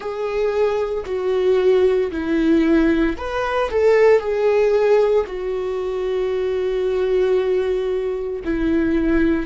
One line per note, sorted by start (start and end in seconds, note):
0.00 1.04 G#4
1.05 2.11 F#4
2.11 3.16 E4
3.17 3.69 B4
3.69 4.19 A4
4.19 5.24 G#4
5.26 8.42 F#4
8.44 9.46 E4